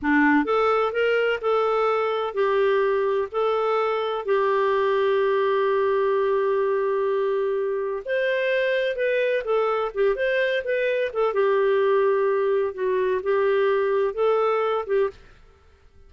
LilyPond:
\new Staff \with { instrumentName = "clarinet" } { \time 4/4 \tempo 4 = 127 d'4 a'4 ais'4 a'4~ | a'4 g'2 a'4~ | a'4 g'2.~ | g'1~ |
g'4 c''2 b'4 | a'4 g'8 c''4 b'4 a'8 | g'2. fis'4 | g'2 a'4. g'8 | }